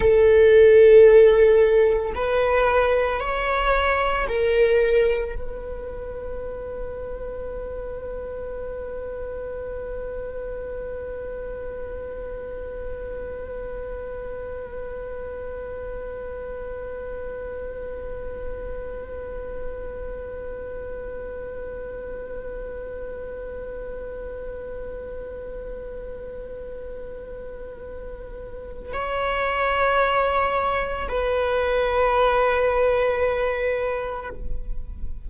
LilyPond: \new Staff \with { instrumentName = "viola" } { \time 4/4 \tempo 4 = 56 a'2 b'4 cis''4 | ais'4 b'2.~ | b'1~ | b'1~ |
b'1~ | b'1~ | b'2. cis''4~ | cis''4 b'2. | }